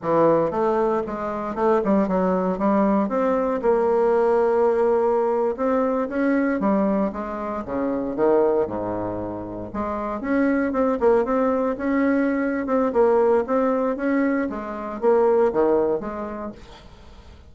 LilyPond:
\new Staff \with { instrumentName = "bassoon" } { \time 4/4 \tempo 4 = 116 e4 a4 gis4 a8 g8 | fis4 g4 c'4 ais4~ | ais2~ ais8. c'4 cis'16~ | cis'8. g4 gis4 cis4 dis16~ |
dis8. gis,2 gis4 cis'16~ | cis'8. c'8 ais8 c'4 cis'4~ cis'16~ | cis'8 c'8 ais4 c'4 cis'4 | gis4 ais4 dis4 gis4 | }